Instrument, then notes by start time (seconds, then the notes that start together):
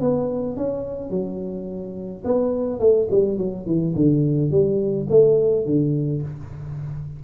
tuba
0.00 B3
0.56 C#4
1.09 F#3
2.24 B3
2.79 A3
3.10 G3
3.37 F#3
3.66 E3
3.95 D3
4.50 G3
5.09 A3
5.65 D3